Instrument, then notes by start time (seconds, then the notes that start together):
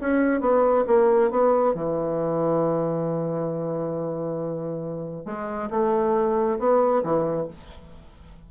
bassoon
0.00 C#4
0.41 B3
0.87 A#3
1.31 B3
1.74 E3
5.26 G#3
5.70 A3
6.59 B3
7.03 E3